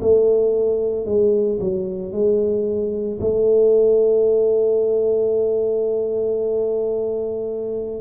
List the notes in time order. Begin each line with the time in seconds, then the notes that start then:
0.00 A3
1.05 G#3
1.60 F#3
2.12 G#3
3.20 A3